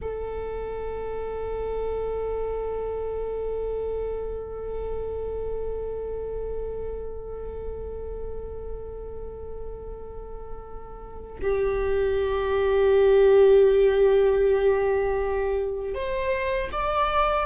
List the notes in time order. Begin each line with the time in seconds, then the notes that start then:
0.01 A4
11.41 G4
15.94 C5
16.72 D5